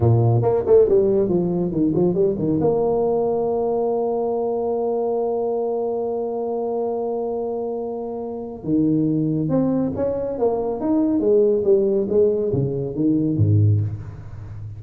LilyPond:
\new Staff \with { instrumentName = "tuba" } { \time 4/4 \tempo 4 = 139 ais,4 ais8 a8 g4 f4 | dis8 f8 g8 dis8 ais2~ | ais1~ | ais1~ |
ais1 | dis2 c'4 cis'4 | ais4 dis'4 gis4 g4 | gis4 cis4 dis4 gis,4 | }